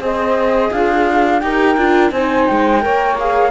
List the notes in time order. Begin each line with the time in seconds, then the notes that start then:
0.00 C4 G#4 C5 D#5
0.71 D4 F4 F5
1.40 D#4 G4 A#4 G5
1.77 D4 F4
2.11 C4 C5 G#5
2.17 D#4
2.47 G#3 G5
2.81 A#3 A#4 C#5
3.19 G#4 F5